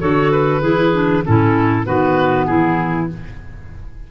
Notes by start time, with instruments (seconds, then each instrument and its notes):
0.00 tuba D3, clarinet F#4 A4, oboe C#5
0.32 oboe B4
0.62 tuba E3, clarinet E4 G#4
0.92 clarinet D4
1.24 tuba A2, clarinet C#4 E4, oboe A4
1.84 tuba D#3, clarinet B3 F#4, oboe B4
2.46 tuba E3, clarinet E4, oboe G#4